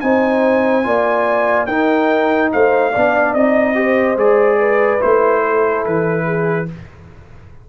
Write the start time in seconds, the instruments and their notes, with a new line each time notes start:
0.00 tuba C4, trombone D#4, horn C5, trumpet G#5
0.83 tuba A#3, trombone F4, horn D5
1.66 tuba D#4, trombone D#4, horn A#4, trumpet G5
2.52 tuba A3, horn C5, trumpet F5
2.91 tuba B3, trombone D4, horn D5
3.34 tuba C4, trombone D#4, trumpet D#5
3.74 trombone G4, horn C5
4.16 tuba G#3, trombone G#4, trumpet D5
4.58 horn B4
4.99 tuba A3, trombone E4, trumpet C5
5.42 horn A4
5.85 tuba E3, trumpet B4
6.25 horn G#4